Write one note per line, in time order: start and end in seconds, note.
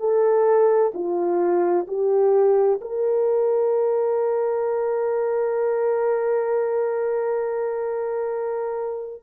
0.00 0.92 A4
0.94 1.87 F4
1.88 2.80 G4
2.81 9.23 A#4